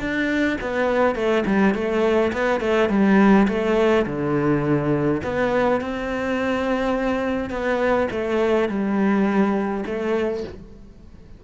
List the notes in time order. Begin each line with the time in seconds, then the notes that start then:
0.00 D4
0.61 B3
1.16 A3
1.47 G3
1.75 A3
2.33 B3
2.61 A3
2.90 G3
3.49 A3
4.06 D3
5.24 B3
5.81 C4
7.51 B3
8.12 A3
8.69 G3
9.87 A3